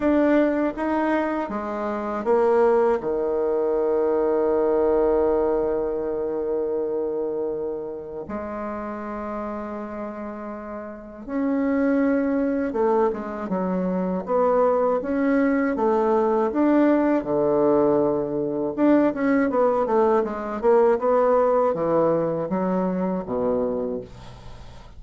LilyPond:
\new Staff \with { instrumentName = "bassoon" } { \time 4/4 \tempo 4 = 80 d'4 dis'4 gis4 ais4 | dis1~ | dis2. gis4~ | gis2. cis'4~ |
cis'4 a8 gis8 fis4 b4 | cis'4 a4 d'4 d4~ | d4 d'8 cis'8 b8 a8 gis8 ais8 | b4 e4 fis4 b,4 | }